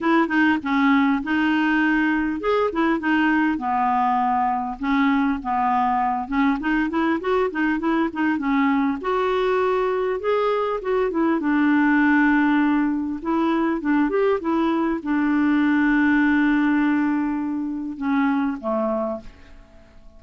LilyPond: \new Staff \with { instrumentName = "clarinet" } { \time 4/4 \tempo 4 = 100 e'8 dis'8 cis'4 dis'2 | gis'8 e'8 dis'4 b2 | cis'4 b4. cis'8 dis'8 e'8 | fis'8 dis'8 e'8 dis'8 cis'4 fis'4~ |
fis'4 gis'4 fis'8 e'8 d'4~ | d'2 e'4 d'8 g'8 | e'4 d'2.~ | d'2 cis'4 a4 | }